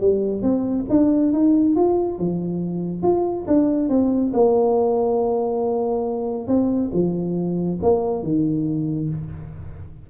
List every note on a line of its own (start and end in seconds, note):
0.00 0.42 G3
0.42 0.85 C4
0.89 1.33 D4
1.33 1.76 D#4
1.76 2.19 F4
2.19 3.03 F3
3.03 3.46 F4
3.47 3.89 D4
3.89 4.32 C4
4.33 6.47 A#3
6.47 6.90 C4
6.93 7.79 F3
7.82 8.23 A#3
8.23 9.09 D#3